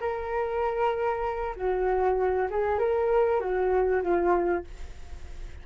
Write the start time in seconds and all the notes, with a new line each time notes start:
0.00 A#4
1.55 F#4
2.50 G#4
2.78 A#4
3.40 F#4
4.02 F4